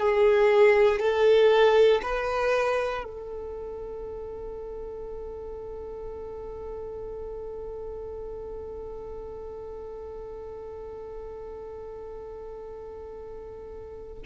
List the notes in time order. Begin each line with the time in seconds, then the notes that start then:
0.00 G#4
0.99 A4
2.03 B4
3.04 A4